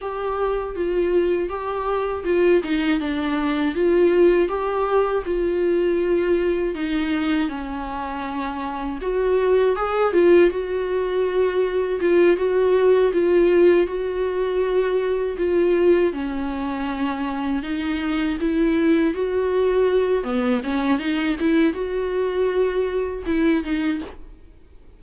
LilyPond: \new Staff \with { instrumentName = "viola" } { \time 4/4 \tempo 4 = 80 g'4 f'4 g'4 f'8 dis'8 | d'4 f'4 g'4 f'4~ | f'4 dis'4 cis'2 | fis'4 gis'8 f'8 fis'2 |
f'8 fis'4 f'4 fis'4.~ | fis'8 f'4 cis'2 dis'8~ | dis'8 e'4 fis'4. b8 cis'8 | dis'8 e'8 fis'2 e'8 dis'8 | }